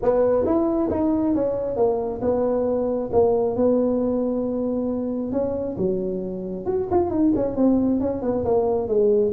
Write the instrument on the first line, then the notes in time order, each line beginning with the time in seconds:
tuba
0.02 B3
0.45 E4
0.90 D#4
1.34 C#4
1.76 A#3
2.21 B3
3.12 A#3
3.56 B3
5.32 C#4
5.77 F#3
6.66 F#4
6.91 F4
7.10 D#4
7.35 C#4
7.56 C4
8.00 C#4
8.22 B3
8.44 A#3
8.88 G#3